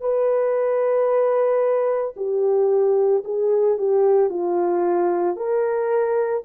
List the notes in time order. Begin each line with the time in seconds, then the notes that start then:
0.00 B4
2.16 G4
3.24 G#4
3.78 G4
4.30 F4
5.36 A#4